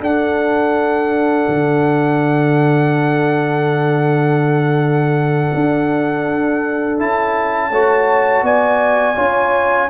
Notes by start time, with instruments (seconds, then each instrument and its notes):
0.00 tuba D4, trombone D4, horn A4, trumpet F#5
1.48 tuba D3
5.54 tuba D4
6.98 tuba C#4, trombone E4, trumpet A5
7.70 tuba A3, trombone F#4, horn C#5
8.42 tuba B3, horn D5, trumpet G#5
9.15 tuba C#4, trombone F4, horn C#5